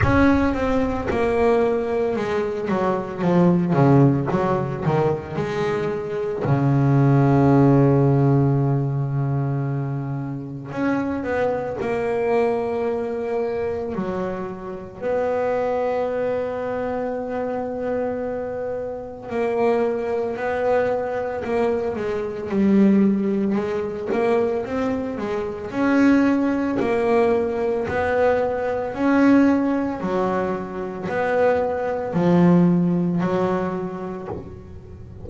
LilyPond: \new Staff \with { instrumentName = "double bass" } { \time 4/4 \tempo 4 = 56 cis'8 c'8 ais4 gis8 fis8 f8 cis8 | fis8 dis8 gis4 cis2~ | cis2 cis'8 b8 ais4~ | ais4 fis4 b2~ |
b2 ais4 b4 | ais8 gis8 g4 gis8 ais8 c'8 gis8 | cis'4 ais4 b4 cis'4 | fis4 b4 f4 fis4 | }